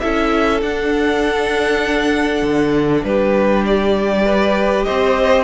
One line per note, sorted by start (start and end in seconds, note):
0.00 0.62 C#4
0.00 0.62 E4
0.00 3.06 A4
0.00 0.61 E5
0.62 2.42 D4
0.62 4.25 D4
0.62 3.04 F#5
2.42 3.03 D3
3.04 4.86 G3
3.04 4.25 G4
3.04 3.65 B4
3.66 4.84 D5
4.25 5.44 G4
4.25 4.85 B4
4.84 5.44 C4
4.84 5.44 C5
4.84 5.44 D#5